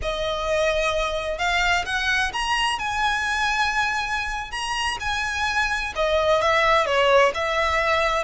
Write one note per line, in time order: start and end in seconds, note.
0.01 1.38 D#5
1.38 1.85 F5
1.85 2.32 F#5
2.33 2.78 A#5
2.78 4.51 G#5
4.51 4.97 A#5
5.00 5.93 G#5
5.95 6.41 D#5
6.41 6.86 E5
6.86 7.32 C#5
7.34 8.23 E5